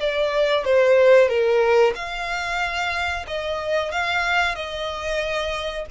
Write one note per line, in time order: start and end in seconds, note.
0.00 0.65 D5
0.65 1.28 C5
1.28 1.94 A#4
1.95 3.25 F5
3.27 3.91 D#5
3.91 4.55 F5
4.55 5.85 D#5